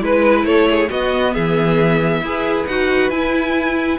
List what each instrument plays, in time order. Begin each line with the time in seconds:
0.00 cello G#3, viola E4, violin B4
0.44 cello A3, violin A4 C#5
0.69 violin G#4
0.90 viola B3, cello B3, violin F#4 D#5
1.34 cello E3, violin G#4 E5
2.22 cello E4, viola G#4, violin B4
2.67 cello D#4, viola F#4, violin F#5
3.10 cello E4, viola E4, violin G#5